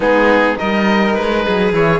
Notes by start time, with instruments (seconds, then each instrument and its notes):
0.00 cello G#3, trombone B3, violin D#4, oboe G#4
0.57 cello G3, trombone D#4, violin A#4, oboe D#5
1.14 cello G#3, oboe B4
1.44 cello F#3, violin G#4
1.72 cello E3, trombone E4, oboe C#5